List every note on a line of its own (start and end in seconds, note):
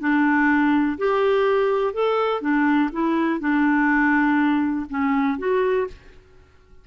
0.00 0.98 D4
0.98 1.94 G4
1.94 2.41 A4
2.41 2.90 D4
2.92 3.40 E4
3.40 4.86 D4
4.90 5.38 C#4
5.39 5.87 F#4